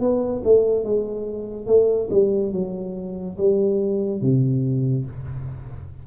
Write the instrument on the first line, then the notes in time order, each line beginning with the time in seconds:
tuba
0.00 B3
0.44 A3
0.84 G#3
1.66 A3
2.10 G3
2.53 F#3
3.38 G3
4.21 C3